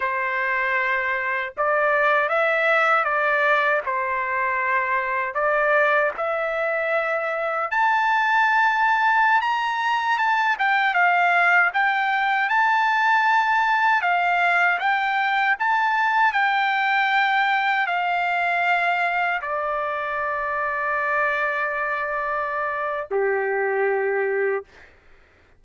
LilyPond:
\new Staff \with { instrumentName = "trumpet" } { \time 4/4 \tempo 4 = 78 c''2 d''4 e''4 | d''4 c''2 d''4 | e''2 a''2~ | a''16 ais''4 a''8 g''8 f''4 g''8.~ |
g''16 a''2 f''4 g''8.~ | g''16 a''4 g''2 f''8.~ | f''4~ f''16 d''2~ d''8.~ | d''2 g'2 | }